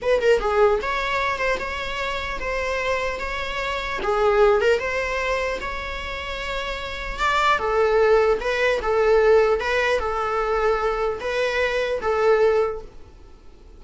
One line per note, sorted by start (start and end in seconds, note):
0.02 0.21 B4
0.21 0.39 A#4
0.39 0.79 G#4
0.82 1.38 C#5
1.38 1.58 C5
1.59 2.39 C#5
2.40 3.19 C5
3.19 3.99 C#5
4.03 4.61 G#4
4.61 4.79 A#4
4.79 5.59 C5
5.60 7.19 C#5
7.19 7.58 D5
7.58 8.38 A4
8.40 8.80 B4
8.82 9.59 A4
9.59 9.99 B4
9.99 11.19 A4
11.20 12.00 B4
12.01 12.81 A4